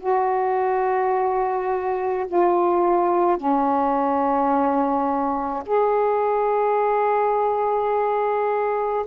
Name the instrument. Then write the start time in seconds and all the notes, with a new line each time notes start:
saxophone
0.00 F#4
2.27 F4
3.37 C#4
5.66 G#4